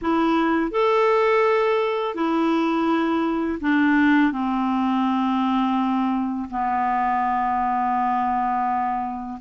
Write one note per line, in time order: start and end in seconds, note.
0.01 0.71 E4
0.71 2.14 A4
2.14 3.59 E4
3.60 4.32 D4
4.32 6.49 C4
6.50 9.39 B3